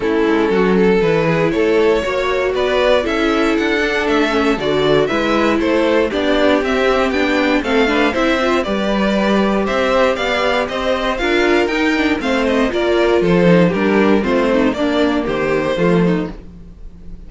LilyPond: <<
  \new Staff \with { instrumentName = "violin" } { \time 4/4 \tempo 4 = 118 a'2 b'4 cis''4~ | cis''4 d''4 e''4 fis''4 | e''4 d''4 e''4 c''4 | d''4 e''4 g''4 f''4 |
e''4 d''2 e''4 | f''4 dis''4 f''4 g''4 | f''8 dis''8 d''4 c''4 ais'4 | c''4 d''4 c''2 | }
  \new Staff \with { instrumentName = "violin" } { \time 4/4 e'4 fis'8 a'4 gis'8 a'4 | cis''4 b'4 a'2~ | a'2 b'4 a'4 | g'2. a'8 b'8 |
c''4 b'2 c''4 | d''4 c''4 ais'2 | c''4 ais'4 a'4 g'4 | f'8 dis'8 d'4 g'4 f'8 dis'8 | }
  \new Staff \with { instrumentName = "viola" } { \time 4/4 cis'2 e'2 | fis'2 e'4. d'8~ | d'8 cis'8 fis'4 e'2 | d'4 c'4 d'4 c'8 d'8 |
e'8 f'8 g'2.~ | g'2 f'4 dis'8 d'8 | c'4 f'4. dis'8 d'4 | c'4 ais2 a4 | }
  \new Staff \with { instrumentName = "cello" } { \time 4/4 a8 gis8 fis4 e4 a4 | ais4 b4 cis'4 d'4 | a4 d4 gis4 a4 | b4 c'4 b4 a4 |
c'4 g2 c'4 | b4 c'4 d'4 dis'4 | a4 ais4 f4 g4 | a4 ais4 dis4 f4 | }
>>